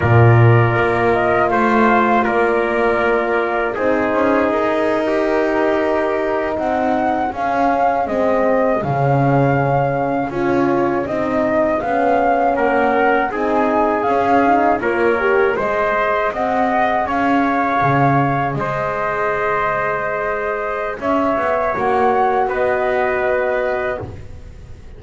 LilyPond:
<<
  \new Staff \with { instrumentName = "flute" } { \time 4/4 \tempo 4 = 80 d''4. dis''8 f''4 d''4~ | d''4 c''4 ais'2~ | ais'8. fis''4 f''4 dis''4 f''16~ | f''4.~ f''16 cis''4 dis''4 f''16~ |
f''8. fis''4 gis''4 f''4 cis''16~ | cis''8. dis''4 fis''4 f''4~ f''16~ | f''8. dis''2.~ dis''16 | e''4 fis''4 dis''2 | }
  \new Staff \with { instrumentName = "trumpet" } { \time 4/4 ais'2 c''4 ais'4~ | ais'4 gis'4.~ gis'16 g'4~ g'16~ | g'8. gis'2.~ gis'16~ | gis'1~ |
gis'8. ais'4 gis'2 ais'16~ | ais'8. c''4 dis''4 cis''4~ cis''16~ | cis''8. c''2.~ c''16 | cis''2 b'2 | }
  \new Staff \with { instrumentName = "horn" } { \time 4/4 f'1~ | f'4 dis'2.~ | dis'4.~ dis'16 cis'4 c'4 cis'16~ | cis'4.~ cis'16 f'4 dis'4 cis'16~ |
cis'4.~ cis'16 dis'4 cis'8 dis'8 f'16~ | f'16 g'8 gis'2.~ gis'16~ | gis'1~ | gis'4 fis'2. | }
  \new Staff \with { instrumentName = "double bass" } { \time 4/4 ais,4 ais4 a4 ais4~ | ais4 c'8 cis'8 dis'2~ | dis'8. c'4 cis'4 gis4 cis16~ | cis4.~ cis16 cis'4 c'4 b16~ |
b8. ais4 c'4 cis'4 ais16~ | ais8. gis4 c'4 cis'4 cis16~ | cis8. gis2.~ gis16 | cis'8 b8 ais4 b2 | }
>>